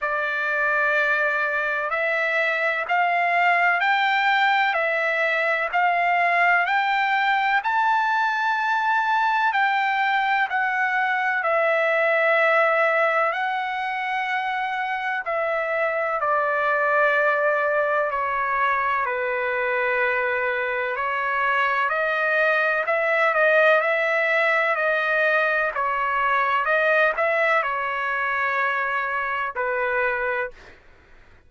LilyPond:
\new Staff \with { instrumentName = "trumpet" } { \time 4/4 \tempo 4 = 63 d''2 e''4 f''4 | g''4 e''4 f''4 g''4 | a''2 g''4 fis''4 | e''2 fis''2 |
e''4 d''2 cis''4 | b'2 cis''4 dis''4 | e''8 dis''8 e''4 dis''4 cis''4 | dis''8 e''8 cis''2 b'4 | }